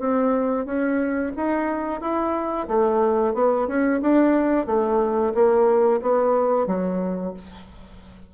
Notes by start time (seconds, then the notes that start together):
0.00 C4
0.66 C#4
1.37 D#4
2.01 E4
2.68 A3
3.34 B3
3.68 C#4
4.02 D4
4.67 A3
5.35 A#3
6.02 B3
6.67 F#3